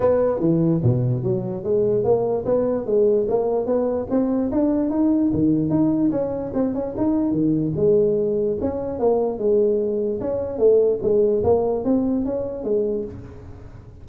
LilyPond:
\new Staff \with { instrumentName = "tuba" } { \time 4/4 \tempo 4 = 147 b4 e4 b,4 fis4 | gis4 ais4 b4 gis4 | ais4 b4 c'4 d'4 | dis'4 dis4 dis'4 cis'4 |
c'8 cis'8 dis'4 dis4 gis4~ | gis4 cis'4 ais4 gis4~ | gis4 cis'4 a4 gis4 | ais4 c'4 cis'4 gis4 | }